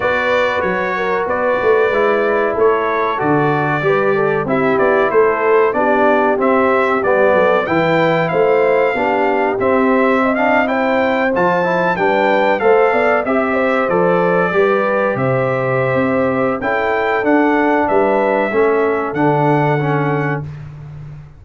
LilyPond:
<<
  \new Staff \with { instrumentName = "trumpet" } { \time 4/4 \tempo 4 = 94 d''4 cis''4 d''2 | cis''4 d''2 e''8 d''8 | c''4 d''4 e''4 d''4 | g''4 f''2 e''4~ |
e''16 f''8 g''4 a''4 g''4 f''16~ | f''8. e''4 d''2 e''16~ | e''2 g''4 fis''4 | e''2 fis''2 | }
  \new Staff \with { instrumentName = "horn" } { \time 4/4 b'4. ais'8 b'2 | a'2 b'8 a'8 g'4 | a'4 g'2~ g'8 a'8 | b'4 c''4 g'2 |
dis''8. c''2 b'4 c''16~ | c''16 d''8 e''8 c''4. b'4 c''16~ | c''2 a'2 | b'4 a'2. | }
  \new Staff \with { instrumentName = "trombone" } { \time 4/4 fis'2. e'4~ | e'4 fis'4 g'4 e'4~ | e'4 d'4 c'4 b4 | e'2 d'4 c'4~ |
c'16 d'8 e'4 f'8 e'8 d'4 a'16~ | a'8. g'4 a'4 g'4~ g'16~ | g'2 e'4 d'4~ | d'4 cis'4 d'4 cis'4 | }
  \new Staff \with { instrumentName = "tuba" } { \time 4/4 b4 fis4 b8 a8 gis4 | a4 d4 g4 c'8 b8 | a4 b4 c'4 g8 fis8 | e4 a4 b4 c'4~ |
c'4.~ c'16 f4 g4 a16~ | a16 b8 c'4 f4 g4 c16~ | c4 c'4 cis'4 d'4 | g4 a4 d2 | }
>>